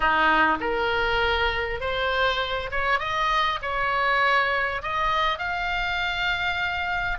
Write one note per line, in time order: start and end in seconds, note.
0.00 0.58 D#4
0.60 1.80 A#4
1.80 2.70 C5
2.71 2.99 C#5
2.99 3.59 D#5
3.62 4.82 C#5
4.82 5.38 D#5
5.38 7.18 F5